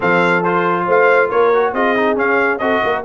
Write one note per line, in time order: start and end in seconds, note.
0.00 0.87 F3
0.00 0.43 C4
0.00 0.85 A4
0.00 0.43 F5
0.43 1.53 F4
0.43 0.87 C5
0.86 1.30 A3
0.86 1.28 C5
0.86 1.30 F5
1.28 1.73 A#3
1.28 1.71 A#4
1.28 1.73 C#5
1.53 1.75 F#4
1.73 2.16 C4
1.73 1.96 F4
1.73 2.60 G#4
1.73 2.17 D#5
1.96 2.16 D#4
2.16 2.59 C#4
2.16 2.60 C#4
2.16 2.58 F5
2.58 2.81 C4
2.58 3.04 F#4
2.58 2.83 A4
2.58 3.02 D#5
2.83 3.04 A#3
2.83 3.04 A#4